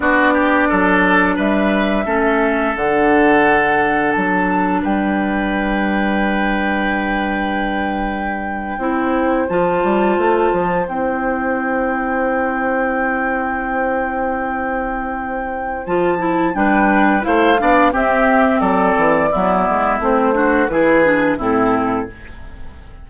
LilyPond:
<<
  \new Staff \with { instrumentName = "flute" } { \time 4/4 \tempo 4 = 87 d''2 e''2 | fis''2 a''4 g''4~ | g''1~ | g''4.~ g''16 a''2 g''16~ |
g''1~ | g''2. a''4 | g''4 f''4 e''4 d''4~ | d''4 c''4 b'4 a'4 | }
  \new Staff \with { instrumentName = "oboe" } { \time 4/4 fis'8 g'8 a'4 b'4 a'4~ | a'2. b'4~ | b'1~ | b'8. c''2.~ c''16~ |
c''1~ | c''1 | b'4 c''8 d''8 g'4 a'4 | e'4. fis'8 gis'4 e'4 | }
  \new Staff \with { instrumentName = "clarinet" } { \time 4/4 d'2. cis'4 | d'1~ | d'1~ | d'8. e'4 f'2 e'16~ |
e'1~ | e'2. f'8 e'8 | d'4 e'8 d'8 c'2 | b4 c'8 d'8 e'8 d'8 c'4 | }
  \new Staff \with { instrumentName = "bassoon" } { \time 4/4 b4 fis4 g4 a4 | d2 fis4 g4~ | g1~ | g8. c'4 f8 g8 a8 f8 c'16~ |
c'1~ | c'2. f4 | g4 a8 b8 c'4 fis8 e8 | fis8 gis8 a4 e4 a,4 | }
>>